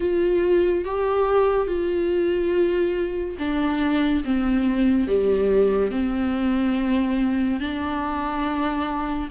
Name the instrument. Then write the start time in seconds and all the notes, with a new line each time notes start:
viola
0.00 F4
0.85 G4
1.67 F4
3.38 D4
4.24 C4
5.07 G3
5.91 C4
7.60 D4